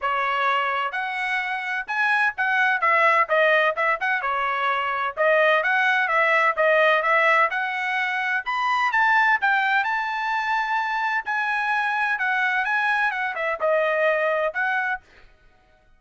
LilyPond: \new Staff \with { instrumentName = "trumpet" } { \time 4/4 \tempo 4 = 128 cis''2 fis''2 | gis''4 fis''4 e''4 dis''4 | e''8 fis''8 cis''2 dis''4 | fis''4 e''4 dis''4 e''4 |
fis''2 b''4 a''4 | g''4 a''2. | gis''2 fis''4 gis''4 | fis''8 e''8 dis''2 fis''4 | }